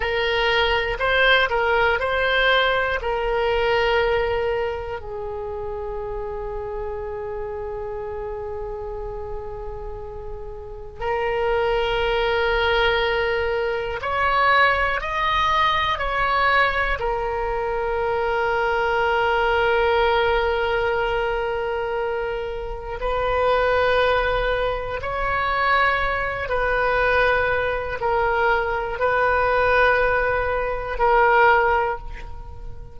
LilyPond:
\new Staff \with { instrumentName = "oboe" } { \time 4/4 \tempo 4 = 60 ais'4 c''8 ais'8 c''4 ais'4~ | ais'4 gis'2.~ | gis'2. ais'4~ | ais'2 cis''4 dis''4 |
cis''4 ais'2.~ | ais'2. b'4~ | b'4 cis''4. b'4. | ais'4 b'2 ais'4 | }